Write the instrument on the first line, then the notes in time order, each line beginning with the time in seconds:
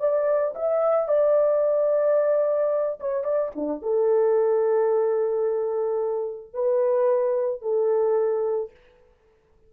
horn
0.00 D5
0.56 E5
1.09 D5
3.00 C#5
3.25 D5
3.56 D4
3.83 A4
6.54 B4
7.62 A4